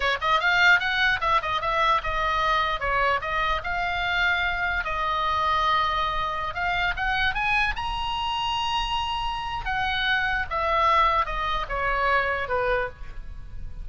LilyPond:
\new Staff \with { instrumentName = "oboe" } { \time 4/4 \tempo 4 = 149 cis''8 dis''8 f''4 fis''4 e''8 dis''8 | e''4 dis''2 cis''4 | dis''4 f''2. | dis''1~ |
dis''16 f''4 fis''4 gis''4 ais''8.~ | ais''1 | fis''2 e''2 | dis''4 cis''2 b'4 | }